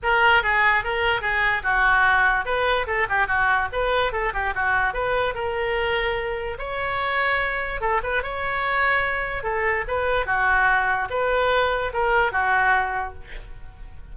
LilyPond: \new Staff \with { instrumentName = "oboe" } { \time 4/4 \tempo 4 = 146 ais'4 gis'4 ais'4 gis'4 | fis'2 b'4 a'8 g'8 | fis'4 b'4 a'8 g'8 fis'4 | b'4 ais'2. |
cis''2. a'8 b'8 | cis''2. a'4 | b'4 fis'2 b'4~ | b'4 ais'4 fis'2 | }